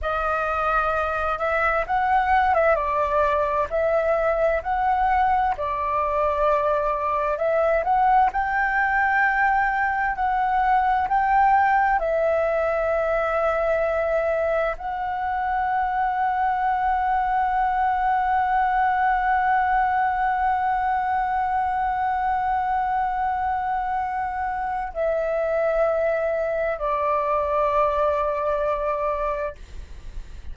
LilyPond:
\new Staff \with { instrumentName = "flute" } { \time 4/4 \tempo 4 = 65 dis''4. e''8 fis''8. e''16 d''4 | e''4 fis''4 d''2 | e''8 fis''8 g''2 fis''4 | g''4 e''2. |
fis''1~ | fis''1~ | fis''2. e''4~ | e''4 d''2. | }